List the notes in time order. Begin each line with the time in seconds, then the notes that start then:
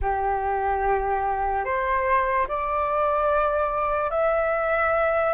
0.01 G4
1.64 C5
2.48 D5
4.10 E5